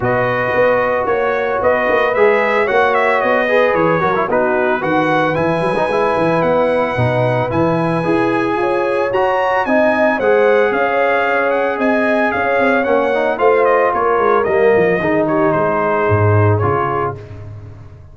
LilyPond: <<
  \new Staff \with { instrumentName = "trumpet" } { \time 4/4 \tempo 4 = 112 dis''2 cis''4 dis''4 | e''4 fis''8 e''8 dis''4 cis''4 | b'4 fis''4 gis''2 | fis''2 gis''2~ |
gis''4 ais''4 gis''4 fis''4 | f''4. fis''8 gis''4 f''4 | fis''4 f''8 dis''8 cis''4 dis''4~ | dis''8 cis''8 c''2 cis''4 | }
  \new Staff \with { instrumentName = "horn" } { \time 4/4 b'2 cis''4 b'4~ | b'4 cis''4. b'4 ais'8 | fis'4 b'2.~ | b'1 |
cis''2 dis''4 c''4 | cis''2 dis''4 cis''4~ | cis''4 c''4 ais'2 | gis'8 g'8 gis'2. | }
  \new Staff \with { instrumentName = "trombone" } { \time 4/4 fis'1 | gis'4 fis'4. gis'4 fis'16 e'16 | dis'4 fis'4 e'8. dis'16 e'4~ | e'4 dis'4 e'4 gis'4~ |
gis'4 fis'4 dis'4 gis'4~ | gis'1 | cis'8 dis'8 f'2 ais4 | dis'2. f'4 | }
  \new Staff \with { instrumentName = "tuba" } { \time 4/4 b,4 b4 ais4 b8 ais8 | gis4 ais4 b4 e8 fis8 | b4 dis4 e8 fis8 gis8 e8 | b4 b,4 e4 e'4 |
f'4 fis'4 c'4 gis4 | cis'2 c'4 cis'8 c'8 | ais4 a4 ais8 gis8 g8 f8 | dis4 gis4 gis,4 cis4 | }
>>